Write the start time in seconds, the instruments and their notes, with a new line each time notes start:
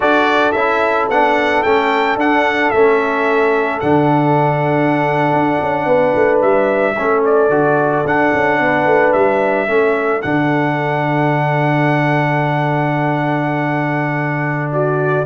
0.00 tuba D4, trombone F#4, horn A4, trumpet D5
0.52 tuba C#4, trombone E4, trumpet E5
1.09 tuba B3, trombone D4, trumpet F#5
1.62 tuba A3, trombone C#4, trumpet G5
2.15 tuba D4, trombone D4, trumpet F#5
2.70 tuba A3, trombone C#4, trumpet E5
3.79 tuba D3, trombone D4, trumpet F#5
5.32 tuba D4
5.61 tuba C#4
5.85 tuba B3, horn B4
6.14 tuba A3
6.41 tuba G3, trumpet E5
6.97 tuba A3, trombone C#4, horn A4
7.24 trumpet D5
7.49 tuba D3, trombone F#4
8.05 tuba D4, trombone D4, trumpet F#5
8.34 tuba C#4
8.59 tuba B3, horn B4
8.85 tuba A3
9.12 tuba G3, trumpet E5
9.67 tuba A3, trombone C#4, horn A4
10.21 tuba D3, trombone D4, trumpet F#5
14.72 horn F#4, trumpet D5